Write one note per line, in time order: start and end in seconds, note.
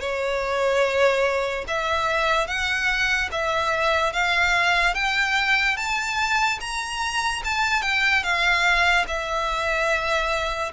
0.00 1.64 C#5
1.67 2.47 E5
2.47 3.29 F#5
3.31 4.12 E5
4.12 4.94 F5
4.94 5.76 G5
5.77 6.59 A5
6.60 7.42 A#5
7.44 7.82 A5
7.82 8.23 G5
8.23 9.05 F5
9.07 10.71 E5